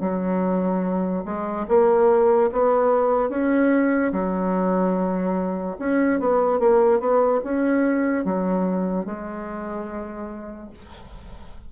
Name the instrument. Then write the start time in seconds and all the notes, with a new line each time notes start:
bassoon
0.00 F#3
1.25 G#3
1.68 A#3
2.51 B3
3.29 C#4
4.12 F#3
5.78 C#4
6.19 B3
6.59 A#3
6.99 B3
7.43 C#4
8.24 F#3
9.05 G#3